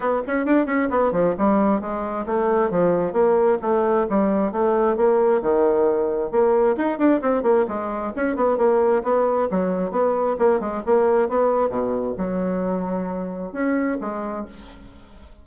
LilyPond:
\new Staff \with { instrumentName = "bassoon" } { \time 4/4 \tempo 4 = 133 b8 cis'8 d'8 cis'8 b8 f8 g4 | gis4 a4 f4 ais4 | a4 g4 a4 ais4 | dis2 ais4 dis'8 d'8 |
c'8 ais8 gis4 cis'8 b8 ais4 | b4 fis4 b4 ais8 gis8 | ais4 b4 b,4 fis4~ | fis2 cis'4 gis4 | }